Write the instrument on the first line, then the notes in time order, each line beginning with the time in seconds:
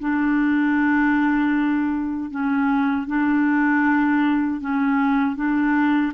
clarinet
0.00 D4
2.31 C#4
3.07 D4
4.61 C#4
5.36 D4